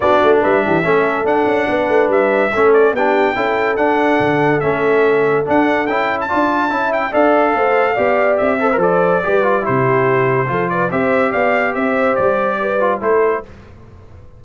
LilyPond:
<<
  \new Staff \with { instrumentName = "trumpet" } { \time 4/4 \tempo 4 = 143 d''4 e''2 fis''4~ | fis''4 e''4. d''8 g''4~ | g''4 fis''2 e''4~ | e''4 fis''4 g''8. a''4~ a''16~ |
a''8 g''8 f''2. | e''4 d''2 c''4~ | c''4. d''8 e''4 f''4 | e''4 d''2 c''4 | }
  \new Staff \with { instrumentName = "horn" } { \time 4/4 fis'4 b'8 g'8 a'2 | b'2 a'4 g'4 | a'1~ | a'2. d''4 |
e''4 d''4 c''4 d''4~ | d''8 c''4. b'4 g'4~ | g'4 a'8 b'8 c''4 d''4 | c''2 b'4 a'4 | }
  \new Staff \with { instrumentName = "trombone" } { \time 4/4 d'2 cis'4 d'4~ | d'2 cis'4 d'4 | e'4 d'2 cis'4~ | cis'4 d'4 e'4 f'4 |
e'4 a'2 g'4~ | g'8 a'16 ais'16 a'4 g'8 f'8 e'4~ | e'4 f'4 g'2~ | g'2~ g'8 f'8 e'4 | }
  \new Staff \with { instrumentName = "tuba" } { \time 4/4 b8 a8 g8 e8 a4 d'8 cis'8 | b8 a8 g4 a4 b4 | cis'4 d'4 d4 a4~ | a4 d'4 cis'4 d'4 |
cis'4 d'4 a4 b4 | c'4 f4 g4 c4~ | c4 f4 c'4 b4 | c'4 g2 a4 | }
>>